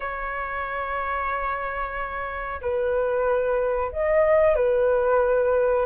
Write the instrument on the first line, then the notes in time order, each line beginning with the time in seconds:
flute
0.00 C#5
2.61 B4
3.92 D#5
4.55 B4